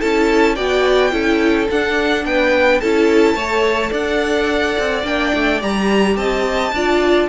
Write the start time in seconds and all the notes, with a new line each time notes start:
0.00 C#4 E4 A4 A5
0.55 B3 F#4 D5 G5
1.11 C#4 E4 A4
1.71 D4 F#5
2.25 B3 B4 G5
2.80 C#4 E4 A4 A5
3.34 A3 A4 C#5
3.90 D4 D5 F#5
4.78 C4
5.03 A#3 D4 G5
5.34 A3
5.61 G3 G4 A#5
6.16 C4 D#5 A5
6.72 D4 F4 D5